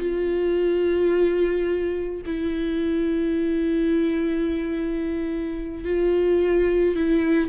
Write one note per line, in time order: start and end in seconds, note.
0.00 2.22 F4
2.26 5.85 E4
5.85 6.96 F4
6.96 7.49 E4